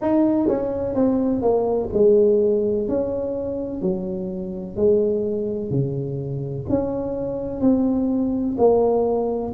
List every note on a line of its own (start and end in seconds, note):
0.01 0.48 D#4
0.48 0.94 C#4
0.94 1.42 C4
1.42 1.89 A#3
1.93 2.88 G#3
2.88 3.81 C#4
3.81 4.76 F#3
4.76 5.70 G#3
5.70 6.65 C#3
6.69 7.61 C#4
7.61 8.56 C4
8.58 9.53 A#3